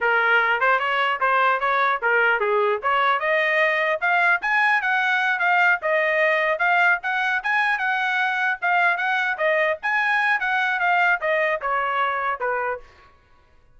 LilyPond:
\new Staff \with { instrumentName = "trumpet" } { \time 4/4 \tempo 4 = 150 ais'4. c''8 cis''4 c''4 | cis''4 ais'4 gis'4 cis''4 | dis''2 f''4 gis''4 | fis''4. f''4 dis''4.~ |
dis''8 f''4 fis''4 gis''4 fis''8~ | fis''4. f''4 fis''4 dis''8~ | dis''8 gis''4. fis''4 f''4 | dis''4 cis''2 b'4 | }